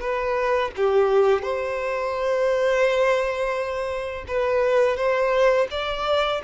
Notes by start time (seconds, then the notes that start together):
0.00 B4
0.76 G4
1.42 C5
4.27 B4
4.96 C5
5.71 D5